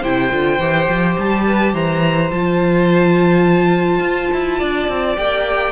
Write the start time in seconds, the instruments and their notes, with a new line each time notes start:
0.00 cello C3, viola E4, violin C5 G5
0.31 cello D3, viola F4
0.59 cello E3, viola G4
0.88 cello F3
1.18 cello G3, violin A5
1.46 violin B4
1.73 cello E3, violin C5 A#5
2.31 cello F3, viola F4, violin A5
3.99 cello F4
4.33 cello E4
4.58 cello D4, violin D5
4.88 cello C4
5.16 cello A#3, viola G4, violin G5